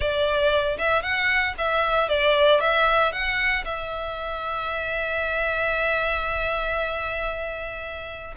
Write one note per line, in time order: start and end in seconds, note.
0.00 0.77 D5
0.78 1.02 E5
1.02 1.54 F#5
1.58 2.08 E5
2.08 2.60 D5
2.60 3.12 E5
3.12 3.64 F#5
3.64 8.34 E5